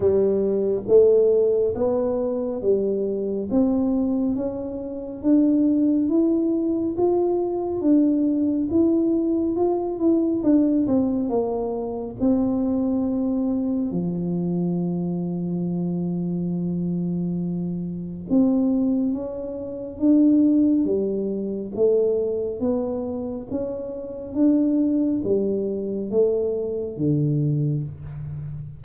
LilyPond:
\new Staff \with { instrumentName = "tuba" } { \time 4/4 \tempo 4 = 69 g4 a4 b4 g4 | c'4 cis'4 d'4 e'4 | f'4 d'4 e'4 f'8 e'8 | d'8 c'8 ais4 c'2 |
f1~ | f4 c'4 cis'4 d'4 | g4 a4 b4 cis'4 | d'4 g4 a4 d4 | }